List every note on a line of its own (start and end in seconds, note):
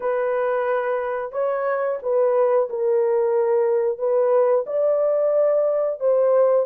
0.00 1.32 B4
1.32 1.98 C#5
2.02 2.68 B4
2.69 3.98 A#4
3.98 4.65 B4
4.66 5.99 D5
6.00 6.66 C5